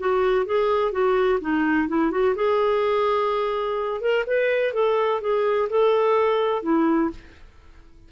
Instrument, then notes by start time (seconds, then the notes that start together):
clarinet
0.00 F#4
0.46 G#4
0.92 F#4
1.41 D#4
1.89 E4
2.12 F#4
2.36 G#4
4.01 A#4
4.27 B4
4.74 A4
5.21 G#4
5.70 A4
6.63 E4